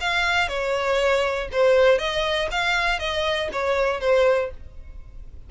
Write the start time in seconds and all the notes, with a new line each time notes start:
0.00 F5
0.48 C#5
1.51 C5
1.98 D#5
2.51 F5
2.99 D#5
3.52 C#5
4.00 C5